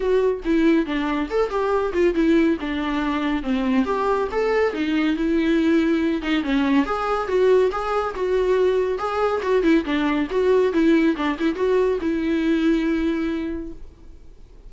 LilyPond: \new Staff \with { instrumentName = "viola" } { \time 4/4 \tempo 4 = 140 fis'4 e'4 d'4 a'8 g'8~ | g'8 f'8 e'4 d'2 | c'4 g'4 a'4 dis'4 | e'2~ e'8 dis'8 cis'4 |
gis'4 fis'4 gis'4 fis'4~ | fis'4 gis'4 fis'8 e'8 d'4 | fis'4 e'4 d'8 e'8 fis'4 | e'1 | }